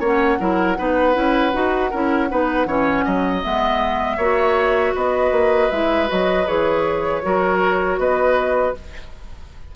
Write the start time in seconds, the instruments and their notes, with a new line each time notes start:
0.00 bassoon A#3, clarinet C#4, oboe C#5, flute F#5
0.40 bassoon F#3, clarinet E4, oboe A#4
0.78 bassoon B3, clarinet D#4, oboe B4
1.14 bassoon C#4, clarinet E4
1.53 bassoon D#4, clarinet F#4
1.91 bassoon C#4, clarinet E4, oboe A#4
2.30 bassoon B3, clarinet D#4, oboe B4
2.66 bassoon E3, clarinet C#4, oboe C#5
3.06 bassoon F#3, oboe D#5
3.43 bassoon G#3, clarinet B3, flute E5
4.17 bassoon A#3, clarinet F#4, oboe C#5
4.95 bassoon B3, oboe B4, flute D#5
5.32 bassoon A#3
5.71 bassoon G#3, clarinet E4, flute E5
6.08 bassoon F#3, clarinet F#4, flute D#5
6.47 bassoon E3, clarinet G#4, flute C#5
7.23 bassoon F#3, clarinet F#4, oboe A#4
7.99 bassoon B3, oboe B4, flute D#5